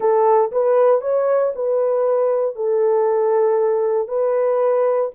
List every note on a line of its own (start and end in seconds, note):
0.00 0.51 A4
0.51 1.01 B4
1.01 1.52 C#5
1.55 2.55 B4
2.55 4.08 A4
4.08 5.10 B4